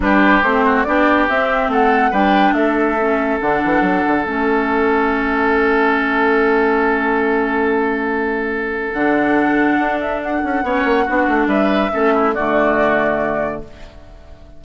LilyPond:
<<
  \new Staff \with { instrumentName = "flute" } { \time 4/4 \tempo 4 = 141 b'4 c''4 d''4 e''4 | fis''4 g''4 e''2 | fis''2 e''2~ | e''1~ |
e''1~ | e''4 fis''2~ fis''8 e''8 | fis''2. e''4~ | e''4 d''2. | }
  \new Staff \with { instrumentName = "oboe" } { \time 4/4 g'4. fis'8 g'2 | a'4 b'4 a'2~ | a'1~ | a'1~ |
a'1~ | a'1~ | a'4 cis''4 fis'4 b'4 | a'8 e'8 fis'2. | }
  \new Staff \with { instrumentName = "clarinet" } { \time 4/4 d'4 c'4 d'4 c'4~ | c'4 d'2 cis'4 | d'2 cis'2~ | cis'1~ |
cis'1~ | cis'4 d'2.~ | d'4 cis'4 d'2 | cis'4 a2. | }
  \new Staff \with { instrumentName = "bassoon" } { \time 4/4 g4 a4 b4 c'4 | a4 g4 a2 | d8 e8 fis8 d8 a2~ | a1~ |
a1~ | a4 d2 d'4~ | d'8 cis'8 b8 ais8 b8 a8 g4 | a4 d2. | }
>>